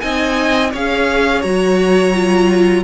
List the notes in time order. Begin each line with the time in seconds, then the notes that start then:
0.00 C4 D#4 D#5 G#5
0.71 C#4 G#4 C#5 F5
1.42 F#3 F#4 A#5
2.14 F4